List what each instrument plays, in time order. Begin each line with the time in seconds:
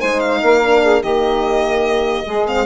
0.00 bassoon G#3, horn D#4, saxophone C5, violin G#5
0.20 violin F5
0.43 bassoon A#3, saxophone A#4
0.63 horn D4
0.83 saxophone G#4
1.01 bassoon D#3, horn A#3, saxophone G4, violin D#5
2.26 bassoon G#3, horn G#3, saxophone G#4
2.47 horn C4, violin F5